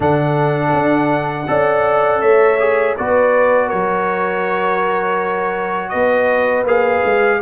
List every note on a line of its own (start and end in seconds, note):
0.00 0.73 D3
0.00 1.47 D4
0.00 1.47 A4
0.00 2.21 F#5
0.73 1.47 D4
1.47 2.21 C#4
1.47 2.58 A4
1.47 2.21 D5
2.21 2.96 A3
2.21 2.95 C#5
2.21 2.95 E5
2.59 2.96 G#4
2.97 3.72 B3
2.97 6.66 F#4
2.97 3.67 B4
2.97 3.69 D5
3.67 5.93 F#3
3.67 5.89 A#4
3.67 5.89 C#5
5.89 6.64 B3
5.89 7.39 B4
5.89 6.63 D#5
6.64 7.01 A#3
6.64 7.40 G#4
6.64 7.41 F5
7.04 7.41 G#3